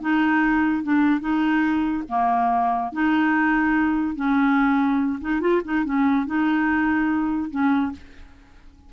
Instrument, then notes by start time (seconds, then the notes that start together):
clarinet
0.00 D#4
0.83 D4
1.20 D#4
2.09 A#3
2.92 D#4
4.15 C#4
5.21 D#4
5.40 F4
5.64 D#4
5.85 C#4
6.26 D#4
7.50 C#4